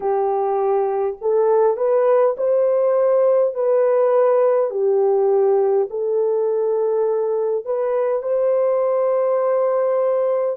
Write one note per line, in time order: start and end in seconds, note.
0.00 1.16 G4
1.21 1.76 A4
1.76 2.35 B4
2.37 3.54 C5
3.54 4.70 B4
4.70 5.88 G4
5.89 7.65 A4
7.65 8.22 B4
8.22 10.56 C5